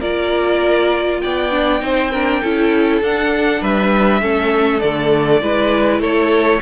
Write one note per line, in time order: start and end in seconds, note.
0.00 1.21 A#3
0.00 1.51 F4
0.00 1.20 A#4
0.00 1.21 D5
1.21 1.81 B3
1.21 1.83 D5
1.21 3.00 G5
1.51 1.79 D4
1.79 2.42 C4
1.79 2.09 D#4
1.79 2.11 C5
2.11 2.43 D4
2.11 2.41 A#4
2.41 3.01 C#4
2.41 3.03 E4
2.41 3.61 A4
3.01 3.61 D4
3.01 4.21 D4
3.01 3.63 F#5
3.61 4.21 G3
3.61 4.21 B4
3.61 4.79 E5
4.21 4.81 A3
4.21 4.80 C#4
4.21 5.42 A4
4.79 5.41 D3
4.79 5.41 A3
4.79 5.99 D5
5.41 6.00 G#3
5.41 6.61 E4
5.41 6.01 B4
6.00 6.59 A3
6.00 6.61 A4
6.00 6.61 C#5